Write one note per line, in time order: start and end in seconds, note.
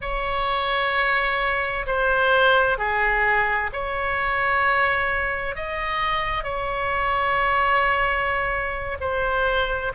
0.01 1.85 C#5
1.86 2.78 C5
2.78 3.70 G#4
3.72 5.55 C#5
5.55 6.43 D#5
6.43 8.97 C#5
9.00 9.92 C5